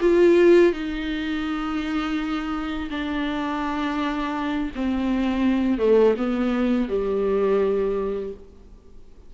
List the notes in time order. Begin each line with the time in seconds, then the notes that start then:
0.00 F4
0.72 D#4
2.90 D4
4.75 C4
5.78 A3
6.17 B3
6.88 G3